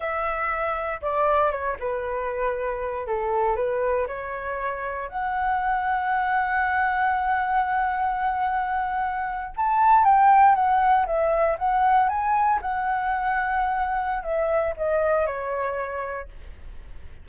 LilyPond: \new Staff \with { instrumentName = "flute" } { \time 4/4 \tempo 4 = 118 e''2 d''4 cis''8 b'8~ | b'2 a'4 b'4 | cis''2 fis''2~ | fis''1~ |
fis''2~ fis''8. a''4 g''16~ | g''8. fis''4 e''4 fis''4 gis''16~ | gis''8. fis''2.~ fis''16 | e''4 dis''4 cis''2 | }